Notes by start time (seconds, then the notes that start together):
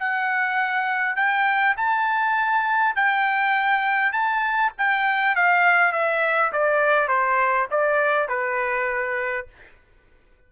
0.00 F#5
1.16 G5
1.77 A5
2.96 G5
4.13 A5
4.78 G5
5.36 F5
5.93 E5
6.53 D5
7.09 C5
7.71 D5
8.29 B4